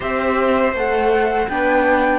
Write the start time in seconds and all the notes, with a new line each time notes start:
0.00 C4 G4 C5 E5
0.73 A3 A4 F#5
1.48 B3 D4 B4 G5